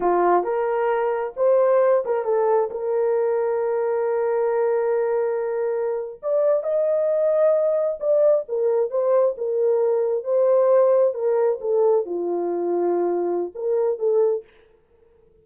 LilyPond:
\new Staff \with { instrumentName = "horn" } { \time 4/4 \tempo 4 = 133 f'4 ais'2 c''4~ | c''8 ais'8 a'4 ais'2~ | ais'1~ | ais'4.~ ais'16 d''4 dis''4~ dis''16~ |
dis''4.~ dis''16 d''4 ais'4 c''16~ | c''8. ais'2 c''4~ c''16~ | c''8. ais'4 a'4 f'4~ f'16~ | f'2 ais'4 a'4 | }